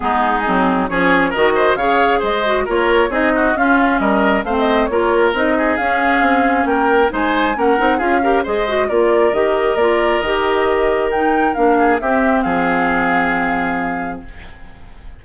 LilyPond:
<<
  \new Staff \with { instrumentName = "flute" } { \time 4/4 \tempo 4 = 135 gis'2 cis''4 dis''4 | f''4 dis''4 cis''4 dis''4 | f''4 dis''4 f''16 dis''8. cis''4 | dis''4 f''2 g''4 |
gis''4 fis''4 f''4 dis''4 | d''4 dis''4 d''4 dis''4~ | dis''4 g''4 f''4 e''4 | f''1 | }
  \new Staff \with { instrumentName = "oboe" } { \time 4/4 dis'2 gis'4 ais'8 c''8 | cis''4 c''4 ais'4 gis'8 fis'8 | f'4 ais'4 c''4 ais'4~ | ais'8 gis'2~ gis'8 ais'4 |
c''4 ais'4 gis'8 ais'8 c''4 | ais'1~ | ais'2~ ais'8 gis'8 g'4 | gis'1 | }
  \new Staff \with { instrumentName = "clarinet" } { \time 4/4 b4 c'4 cis'4 fis'4 | gis'4. fis'8 f'4 dis'4 | cis'2 c'4 f'4 | dis'4 cis'2. |
dis'4 cis'8 dis'8 f'8 g'8 gis'8 fis'8 | f'4 g'4 f'4 g'4~ | g'4 dis'4 d'4 c'4~ | c'1 | }
  \new Staff \with { instrumentName = "bassoon" } { \time 4/4 gis4 fis4 f4 dis4 | cis4 gis4 ais4 c'4 | cis'4 g4 a4 ais4 | c'4 cis'4 c'4 ais4 |
gis4 ais8 c'8 cis'4 gis4 | ais4 dis4 ais4 dis4~ | dis2 ais4 c'4 | f1 | }
>>